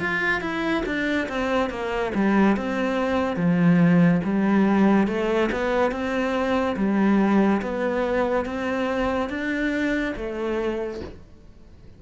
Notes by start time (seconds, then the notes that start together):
0.00 F4
0.41 E4
0.86 D4
1.29 C4
1.70 A#3
2.15 G3
2.57 C4
3.36 F3
4.24 G3
5.08 A3
5.52 B3
5.92 C4
6.77 G3
7.62 B3
8.46 C4
9.29 D4
10.16 A3